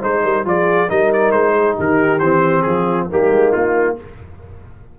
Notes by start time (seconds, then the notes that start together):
0.00 G#3 D#4 C5
0.24 G3 A#4
0.46 F3 F4 G#4 D5
0.89 G3 D#4 A#4 D#5
1.14 D5
1.32 G#3 C5
1.54 G#4
1.77 D#3 G4 A#4
2.19 E3 C4 C5
2.63 F3 F4 G#4
3.09 G3 A#3 D#4 G4
3.30 G#3
3.53 A#3 F4